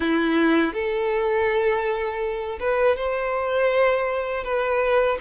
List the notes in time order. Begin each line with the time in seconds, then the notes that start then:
0.00 E4
0.73 A4
2.59 B4
2.96 C5
4.44 B4